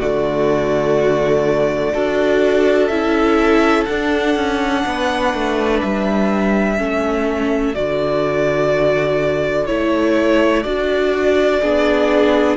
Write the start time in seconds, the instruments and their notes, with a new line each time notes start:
0.00 cello D3, viola A3, violin F#4 D5
1.93 cello D4, viola F#4, violin A4
2.88 cello C#4, viola E4, violin E5
3.86 cello D4, viola D4, violin F#5
4.36 cello C#4
4.86 cello B3, violin B4
5.34 cello A3
5.81 cello G3, violin E5
6.78 cello A3, viola C#4, violin A4
7.75 cello D3, viola F#4, violin D5
9.67 cello A3, viola E4, violin C#5
10.63 cello D4, viola F#4, violin D5
11.61 cello B3, viola D4, violin G#4